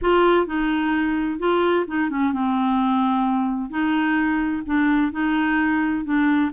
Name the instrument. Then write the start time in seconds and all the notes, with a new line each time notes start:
clarinet
0.01 F4
0.46 D#4
1.39 F4
1.87 D#4
2.10 C#4
2.33 C4
3.70 D#4
4.66 D4
5.12 D#4
6.04 D4